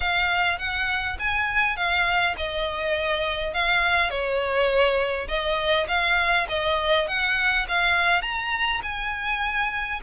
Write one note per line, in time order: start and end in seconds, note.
0.00 0.58 F5
0.58 1.17 F#5
1.19 1.76 G#5
1.76 2.35 F5
2.37 3.53 D#5
3.53 4.10 F5
4.10 5.27 C#5
5.28 5.86 D#5
5.88 6.47 F5
6.49 7.07 D#5
7.07 7.66 F#5
7.68 8.22 F5
8.22 8.80 A#5
8.82 10.00 G#5